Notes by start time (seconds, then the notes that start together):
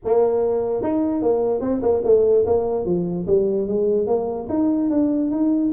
0.04 A#3
0.83 D#4
1.21 A#3
1.60 C4
1.82 A#3
2.04 A3
2.46 A#3
2.85 F3
3.26 G3
3.67 G#3
4.06 A#3
4.49 D#4
4.90 D4
5.30 D#4